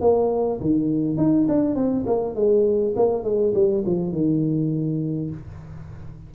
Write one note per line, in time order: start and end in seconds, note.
0.00 0.59 A#3
0.60 1.17 D#3
1.17 1.47 D#4
1.48 1.75 D4
1.75 2.04 C4
2.06 2.35 A#3
2.35 2.94 G#3
2.96 3.23 A#3
3.23 3.53 G#3
3.54 3.84 G3
3.86 4.12 F3
4.12 5.31 D#3